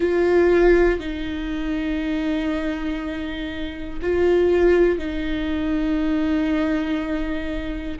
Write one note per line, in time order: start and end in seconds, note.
0.00 0.99 F4
0.99 3.99 D#4
4.01 4.98 F4
4.98 7.98 D#4